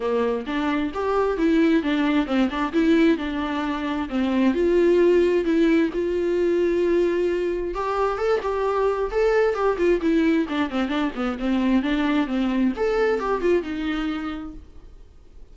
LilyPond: \new Staff \with { instrumentName = "viola" } { \time 4/4 \tempo 4 = 132 ais4 d'4 g'4 e'4 | d'4 c'8 d'8 e'4 d'4~ | d'4 c'4 f'2 | e'4 f'2.~ |
f'4 g'4 a'8 g'4. | a'4 g'8 f'8 e'4 d'8 c'8 | d'8 b8 c'4 d'4 c'4 | a'4 g'8 f'8 dis'2 | }